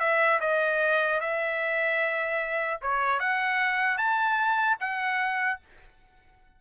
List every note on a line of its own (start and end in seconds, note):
0.00 0.40 E5
0.41 1.21 D#5
1.21 2.81 E5
2.82 3.20 C#5
3.20 3.98 F#5
3.98 4.78 A5
4.81 5.61 F#5